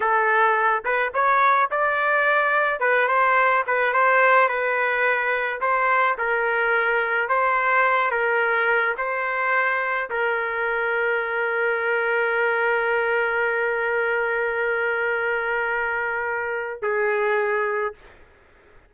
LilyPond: \new Staff \with { instrumentName = "trumpet" } { \time 4/4 \tempo 4 = 107 a'4. b'8 cis''4 d''4~ | d''4 b'8 c''4 b'8 c''4 | b'2 c''4 ais'4~ | ais'4 c''4. ais'4. |
c''2 ais'2~ | ais'1~ | ais'1~ | ais'2 gis'2 | }